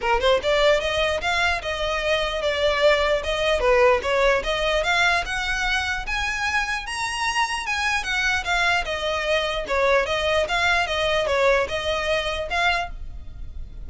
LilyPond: \new Staff \with { instrumentName = "violin" } { \time 4/4 \tempo 4 = 149 ais'8 c''8 d''4 dis''4 f''4 | dis''2 d''2 | dis''4 b'4 cis''4 dis''4 | f''4 fis''2 gis''4~ |
gis''4 ais''2 gis''4 | fis''4 f''4 dis''2 | cis''4 dis''4 f''4 dis''4 | cis''4 dis''2 f''4 | }